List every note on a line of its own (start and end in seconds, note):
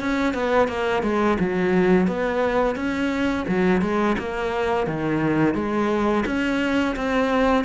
0.00 0.34 C#4
0.34 0.68 B3
0.68 1.03 A#3
1.03 1.38 G#3
1.40 2.07 F#3
2.07 2.76 B3
2.76 3.46 C#4
3.48 3.82 F#3
3.82 4.17 G#3
4.19 4.87 A#3
4.87 5.55 D#3
5.55 6.24 G#3
6.26 6.96 C#4
6.96 7.65 C4